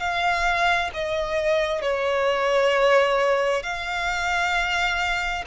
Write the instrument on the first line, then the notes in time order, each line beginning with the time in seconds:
violin
0.00 F5
0.94 D#5
1.82 C#5
3.63 F5